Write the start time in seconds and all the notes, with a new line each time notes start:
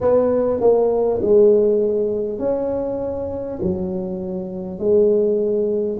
0.00 B3
0.60 A#3
1.22 G#3
2.38 C#4
3.62 F#3
4.78 G#3